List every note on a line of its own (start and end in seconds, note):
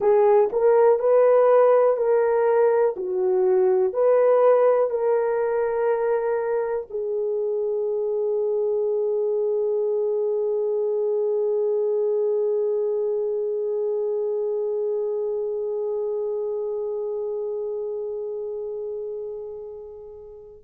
0.00 0.50 G#4
0.52 0.99 A#4
0.99 1.97 B4
1.97 2.95 A#4
2.96 3.93 F#4
3.93 4.90 B4
4.90 6.86 A#4
6.90 20.64 G#4